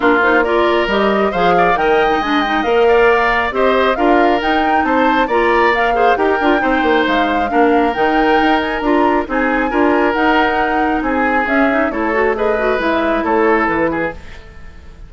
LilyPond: <<
  \new Staff \with { instrumentName = "flute" } { \time 4/4 \tempo 4 = 136 ais'8 c''8 d''4 dis''4 f''4 | g''4 gis''8 g''8 f''2 | dis''4 f''4 g''4 a''4 | ais''4 f''4 g''2 |
f''2 g''4. gis''8 | ais''4 gis''2 fis''4~ | fis''4 gis''4 e''4 cis''4 | dis''4 e''4 cis''4 b'4 | }
  \new Staff \with { instrumentName = "oboe" } { \time 4/4 f'4 ais'2 c''8 d''8 | dis''2~ dis''8 d''4. | c''4 ais'2 c''4 | d''4. c''8 ais'4 c''4~ |
c''4 ais'2.~ | ais'4 gis'4 ais'2~ | ais'4 gis'2 a'4 | b'2 a'4. gis'8 | }
  \new Staff \with { instrumentName = "clarinet" } { \time 4/4 d'8 dis'8 f'4 g'4 gis'4 | ais'8. dis'16 d'8 dis'8 ais'2 | g'4 f'4 dis'2 | f'4 ais'8 gis'8 g'8 f'8 dis'4~ |
dis'4 d'4 dis'2 | f'4 dis'4 f'4 dis'4~ | dis'2 cis'8 dis'8 e'8 fis'8 | gis'8 fis'8 e'2. | }
  \new Staff \with { instrumentName = "bassoon" } { \time 4/4 ais2 g4 f4 | dis4 gis4 ais2 | c'4 d'4 dis'4 c'4 | ais2 dis'8 d'8 c'8 ais8 |
gis4 ais4 dis4 dis'4 | d'4 c'4 d'4 dis'4~ | dis'4 c'4 cis'4 a4~ | a4 gis4 a4 e4 | }
>>